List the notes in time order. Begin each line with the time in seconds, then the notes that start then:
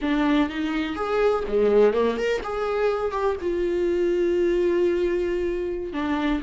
0.01 D4
0.49 D#4
0.95 G#4
1.47 G#3
1.93 A#3
2.17 A#4
2.43 G#4
3.11 G4
3.41 F4
5.92 D4